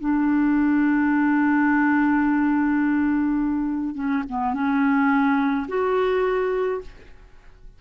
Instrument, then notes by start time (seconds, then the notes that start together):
clarinet
0.00 D4
3.95 C#4
4.29 B3
4.53 C#4
5.68 F#4